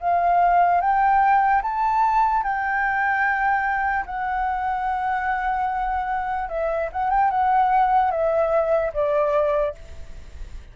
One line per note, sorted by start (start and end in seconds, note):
0.00 0.81 F5
0.81 1.62 G5
1.63 2.43 A5
2.43 4.05 G5
4.06 6.49 F#5
6.49 6.90 E5
6.92 7.10 F#5
7.10 7.30 G5
7.31 8.11 F#5
8.11 8.92 E5
8.94 9.75 D5